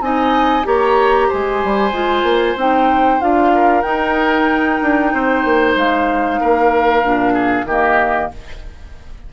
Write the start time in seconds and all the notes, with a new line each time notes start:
0.00 C4 D#4 D#5 G#5
0.63 A#3 G4 C#5 A#5
1.28 G#3 C5 G#5
1.64 G3
1.92 G#3 F4
2.23 A#3
2.55 C4 D#4 G5
3.20 D4 F4 F5
3.54 A#4
3.81 D#4 G5
4.81 D4
5.13 C4 C5
5.44 A#3
5.75 G#3 F5
6.40 A#3 A#4
7.02 A#2 D4
7.33 G#4
7.64 D#3 A#3 G4 D#5